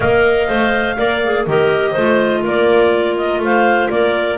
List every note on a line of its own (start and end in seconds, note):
0.00 0.48 A#3
0.00 0.48 A#4
0.00 0.96 D#5
0.00 1.45 F5
0.48 0.97 A3
0.48 0.97 C5
0.97 1.46 A#3
0.97 1.22 A#4
0.97 1.46 D5
1.24 1.47 G#4
1.47 1.95 D#3
1.47 1.96 G4
1.47 1.91 A#4
1.47 2.45 D#5
1.91 2.44 A3
1.91 4.38 F4
1.91 2.39 C5
2.42 3.39 A#3
2.42 3.40 A#4
2.42 3.17 D5
3.17 3.41 D#5
3.39 3.87 A3
3.39 3.91 C5
3.39 3.89 F5
3.89 4.38 A#3
3.89 4.38 A#4
3.89 4.38 D5